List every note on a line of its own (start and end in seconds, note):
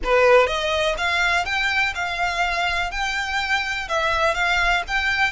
0.04 0.46 B4
0.46 0.95 D#5
0.97 1.45 F5
1.45 1.93 G5
1.94 2.91 F5
2.91 3.88 G5
3.88 4.34 E5
4.34 4.82 F5
4.87 5.32 G5